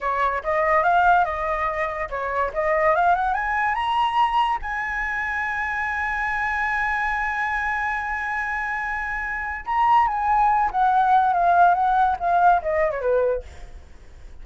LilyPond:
\new Staff \with { instrumentName = "flute" } { \time 4/4 \tempo 4 = 143 cis''4 dis''4 f''4 dis''4~ | dis''4 cis''4 dis''4 f''8 fis''8 | gis''4 ais''2 gis''4~ | gis''1~ |
gis''1~ | gis''2. ais''4 | gis''4. fis''4. f''4 | fis''4 f''4 dis''8. cis''16 b'4 | }